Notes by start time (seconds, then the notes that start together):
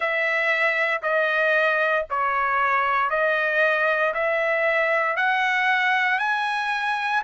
0.00 E5
1.02 D#5
2.10 C#5
3.10 D#5
4.14 E5
5.16 F#5
6.18 G#5